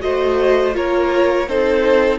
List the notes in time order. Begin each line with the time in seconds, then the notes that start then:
0.00 A3 F#4 C5 D#5
0.73 A#3 F4 A#4 C#5
1.48 C4 D#4 A4 C5